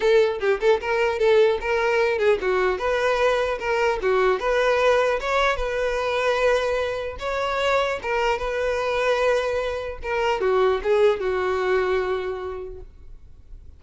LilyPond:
\new Staff \with { instrumentName = "violin" } { \time 4/4 \tempo 4 = 150 a'4 g'8 a'8 ais'4 a'4 | ais'4. gis'8 fis'4 b'4~ | b'4 ais'4 fis'4 b'4~ | b'4 cis''4 b'2~ |
b'2 cis''2 | ais'4 b'2.~ | b'4 ais'4 fis'4 gis'4 | fis'1 | }